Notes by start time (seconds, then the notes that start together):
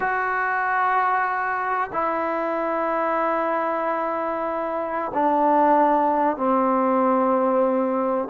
0.00 F#4
1.92 E4
5.14 D4
6.37 C4